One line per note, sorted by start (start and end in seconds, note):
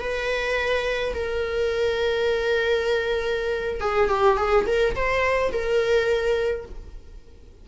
0.00 1.13 B4
1.14 3.81 A#4
3.81 4.09 G#4
4.09 4.37 G4
4.37 4.65 G#4
4.66 4.95 A#4
4.95 5.52 C5
5.52 6.65 A#4